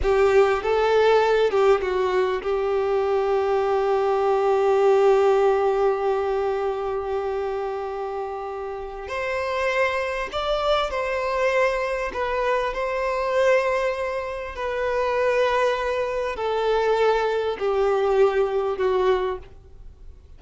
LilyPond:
\new Staff \with { instrumentName = "violin" } { \time 4/4 \tempo 4 = 99 g'4 a'4. g'8 fis'4 | g'1~ | g'1~ | g'2. c''4~ |
c''4 d''4 c''2 | b'4 c''2. | b'2. a'4~ | a'4 g'2 fis'4 | }